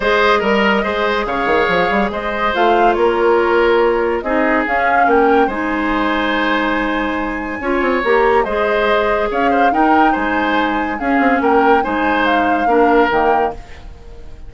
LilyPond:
<<
  \new Staff \with { instrumentName = "flute" } { \time 4/4 \tempo 4 = 142 dis''2. f''4~ | f''4 dis''4 f''4 cis''4~ | cis''2 dis''4 f''4 | g''4 gis''2.~ |
gis''2. ais''4 | dis''2 f''4 g''4 | gis''2 f''4 g''4 | gis''4 f''2 g''4 | }
  \new Staff \with { instrumentName = "oboe" } { \time 4/4 c''4 ais'4 c''4 cis''4~ | cis''4 c''2 ais'4~ | ais'2 gis'2 | ais'4 c''2.~ |
c''2 cis''2 | c''2 cis''8 c''8 ais'4 | c''2 gis'4 ais'4 | c''2 ais'2 | }
  \new Staff \with { instrumentName = "clarinet" } { \time 4/4 gis'4 ais'4 gis'2~ | gis'2 f'2~ | f'2 dis'4 cis'4~ | cis'4 dis'2.~ |
dis'2 f'4 g'4 | gis'2. dis'4~ | dis'2 cis'2 | dis'2 d'4 ais4 | }
  \new Staff \with { instrumentName = "bassoon" } { \time 4/4 gis4 g4 gis4 cis8 dis8 | f8 g8 gis4 a4 ais4~ | ais2 c'4 cis'4 | ais4 gis2.~ |
gis2 cis'8 c'8 ais4 | gis2 cis'4 dis'4 | gis2 cis'8 c'8 ais4 | gis2 ais4 dis4 | }
>>